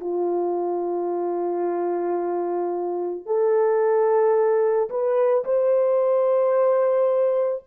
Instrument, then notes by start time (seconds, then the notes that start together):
horn
0.00 F4
3.26 A4
4.89 B4
5.44 C5